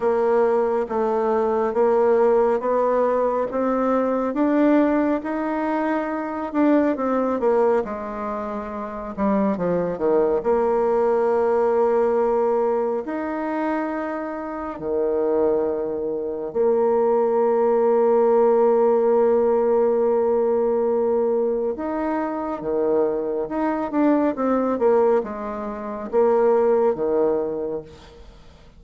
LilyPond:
\new Staff \with { instrumentName = "bassoon" } { \time 4/4 \tempo 4 = 69 ais4 a4 ais4 b4 | c'4 d'4 dis'4. d'8 | c'8 ais8 gis4. g8 f8 dis8 | ais2. dis'4~ |
dis'4 dis2 ais4~ | ais1~ | ais4 dis'4 dis4 dis'8 d'8 | c'8 ais8 gis4 ais4 dis4 | }